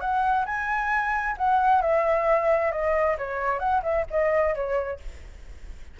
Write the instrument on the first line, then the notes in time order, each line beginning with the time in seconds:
flute
0.00 F#5
0.45 G#5
1.37 F#5
1.81 E5
2.71 D#5
3.18 C#5
3.59 F#5
3.83 E5
4.10 D#5
4.54 C#5